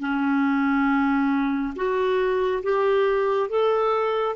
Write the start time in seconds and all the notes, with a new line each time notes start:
0.00 C#4
1.76 F#4
2.63 G4
3.49 A4